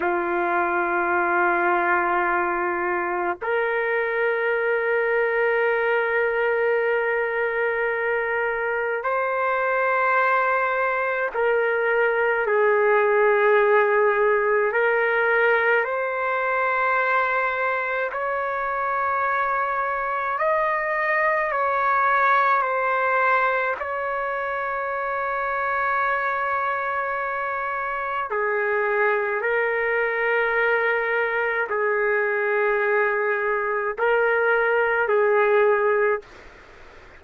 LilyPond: \new Staff \with { instrumentName = "trumpet" } { \time 4/4 \tempo 4 = 53 f'2. ais'4~ | ais'1 | c''2 ais'4 gis'4~ | gis'4 ais'4 c''2 |
cis''2 dis''4 cis''4 | c''4 cis''2.~ | cis''4 gis'4 ais'2 | gis'2 ais'4 gis'4 | }